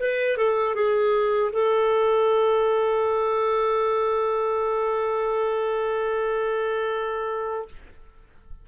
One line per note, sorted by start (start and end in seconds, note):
0.00 0.37 B4
0.37 0.75 A4
0.75 1.52 G#4
1.53 7.68 A4